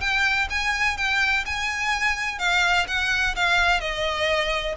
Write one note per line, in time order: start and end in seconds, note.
0.00 0.48 G5
0.50 0.97 G#5
0.97 1.45 G5
1.45 2.38 G#5
2.38 2.86 F5
2.87 3.35 F#5
3.35 3.80 F5
3.80 4.75 D#5